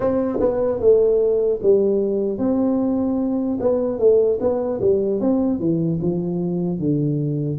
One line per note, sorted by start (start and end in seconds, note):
0.00 0.39 C4
0.40 0.80 B3
0.80 1.60 A3
1.62 2.38 G3
2.38 3.58 C4
3.60 3.99 B3
3.99 4.39 A3
4.40 4.80 B3
4.80 5.20 G3
5.20 5.59 C4
5.59 5.99 E3
6.01 6.79 F3
6.79 7.59 D3